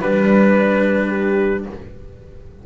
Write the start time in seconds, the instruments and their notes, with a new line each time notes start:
0.00 double bass G3, cello D4, horn B4, trumpet B4
1.07 horn G4